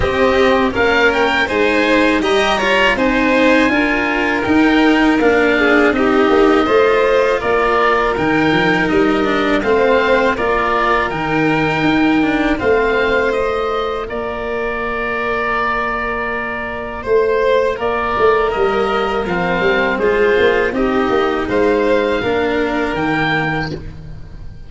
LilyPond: <<
  \new Staff \with { instrumentName = "oboe" } { \time 4/4 \tempo 4 = 81 dis''4 f''8 g''8 gis''4 ais''4 | gis''2 g''4 f''4 | dis''2 d''4 g''4 | dis''4 f''4 d''4 g''4~ |
g''4 f''4 dis''4 d''4~ | d''2. c''4 | d''4 dis''4 f''4 c''4 | dis''4 f''2 g''4 | }
  \new Staff \with { instrumentName = "violin" } { \time 4/4 g'4 ais'4 c''4 dis''8 cis''8 | c''4 ais'2~ ais'8 gis'8 | g'4 c''4 ais'2~ | ais'4 c''4 ais'2~ |
ais'4 c''2 ais'4~ | ais'2. c''4 | ais'2. gis'4 | g'4 c''4 ais'2 | }
  \new Staff \with { instrumentName = "cello" } { \time 4/4 c'4 cis'4 dis'4 g'8 f'8 | dis'4 f'4 dis'4 d'4 | dis'4 f'2 dis'4~ | dis'8 d'8 c'4 f'4 dis'4~ |
dis'8 d'8 c'4 f'2~ | f'1~ | f'4 ais4 c'4 f'4 | dis'2 d'4 ais4 | }
  \new Staff \with { instrumentName = "tuba" } { \time 4/4 c'4 ais4 gis4 g4 | c'4 d'4 dis'4 ais4 | c'8 ais8 a4 ais4 dis8 f8 | g4 a4 ais4 dis4 |
dis'4 a2 ais4~ | ais2. a4 | ais8 a8 g4 f8 g8 gis8 ais8 | c'8 ais8 gis4 ais4 dis4 | }
>>